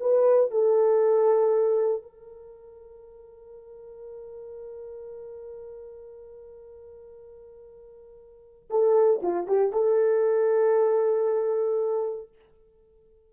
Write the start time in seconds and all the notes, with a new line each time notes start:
0.00 B4
0.51 A4
2.02 A#4
8.70 A4
9.22 F4
9.47 G4
9.72 A4